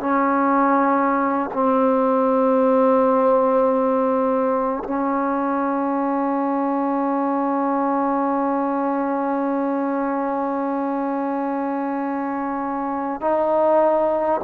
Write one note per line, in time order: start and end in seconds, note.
0.00 1.50 C#4
1.53 4.83 C4
4.84 13.21 C#4
13.21 14.41 D#4